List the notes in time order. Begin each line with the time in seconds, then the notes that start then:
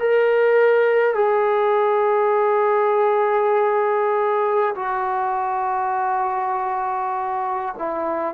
0.00 A#4
1.15 G#4
4.76 F#4
7.79 E4